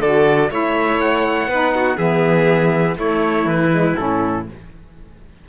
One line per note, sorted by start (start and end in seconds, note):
0.00 0.50 D3
0.00 0.50 F#4
0.00 0.50 A4
0.00 0.51 D5
0.50 1.47 A3
0.50 1.49 E4
0.50 1.49 C#5
0.50 1.01 E5
1.01 1.98 F#5
1.47 1.97 B3
1.47 1.98 D#4
1.47 1.74 B4
1.75 1.97 F#4
1.97 2.98 E3
1.97 2.97 B3
1.97 2.96 G#4
1.97 2.98 E5
2.98 3.45 A3
2.98 3.71 A3
2.98 4.48 E4
2.98 3.49 C#5
3.45 3.95 E3
3.45 3.97 B4
3.71 3.96 G#3
3.97 4.49 A2
3.97 4.47 C#4
3.97 4.47 A4